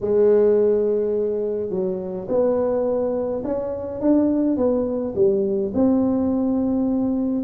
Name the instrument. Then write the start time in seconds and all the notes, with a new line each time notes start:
tuba
0.00 G#3
1.70 F#3
2.28 B3
3.44 C#4
4.00 D4
4.56 B3
5.15 G3
5.74 C4